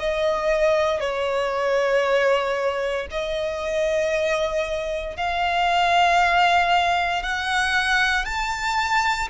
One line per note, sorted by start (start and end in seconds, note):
0.00 1.01 D#5
1.01 3.08 C#5
3.11 5.17 D#5
5.17 7.23 F5
7.23 8.25 F#5
8.25 9.29 A5